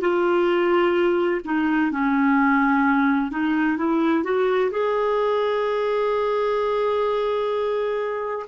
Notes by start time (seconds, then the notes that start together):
0.00 F4
1.44 D#4
1.91 C#4
3.31 D#4
3.77 E4
4.24 F#4
4.71 G#4